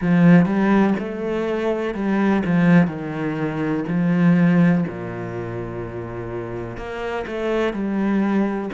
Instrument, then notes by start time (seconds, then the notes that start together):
cello
0.01 F3
0.45 G3
0.99 A3
1.94 G3
2.45 F3
2.87 D#3
3.87 F3
4.88 A#2
6.77 A#3
7.26 A3
7.73 G3